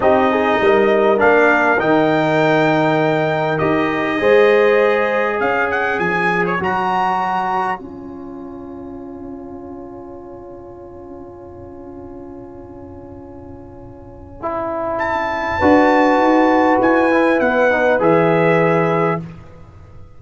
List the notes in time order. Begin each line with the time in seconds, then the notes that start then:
0.00 C4 D#4 G4 D#5
0.31 G#4
0.61 G3 A#4
1.17 A#3 D4 F5
1.79 D#3 D#4 G5
3.58 D#4 G4 D#5
4.18 G#3 G#4 C5
5.38 C#4 C#5 F5
5.70 F#5
5.98 F3 G#5
6.46 C#5
6.59 F#3 F#4 A#5
7.77 C#4 F4 G#5
14.41 E4
14.98 A5
15.58 D4 F#4 B4
16.17 D#4
16.80 E4 G#5
17.11 E4
17.40 B3 F#5
17.71 D#4
17.99 E3 G#4 E5